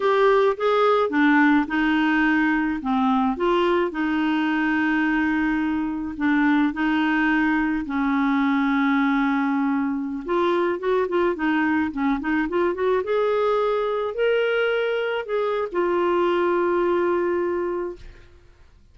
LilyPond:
\new Staff \with { instrumentName = "clarinet" } { \time 4/4 \tempo 4 = 107 g'4 gis'4 d'4 dis'4~ | dis'4 c'4 f'4 dis'4~ | dis'2. d'4 | dis'2 cis'2~ |
cis'2~ cis'16 f'4 fis'8 f'16~ | f'16 dis'4 cis'8 dis'8 f'8 fis'8 gis'8.~ | gis'4~ gis'16 ais'2 gis'8. | f'1 | }